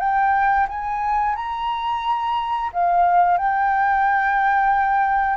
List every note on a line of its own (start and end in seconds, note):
0.00 0.67 G5
0.69 1.36 G#5
1.36 2.71 A#5
2.73 3.38 F5
3.38 5.37 G5